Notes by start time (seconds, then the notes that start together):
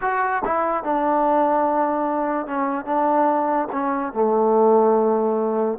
0.01 F#4
0.44 E4
0.83 D4
2.47 C#4
2.85 D4
3.71 C#4
4.13 A3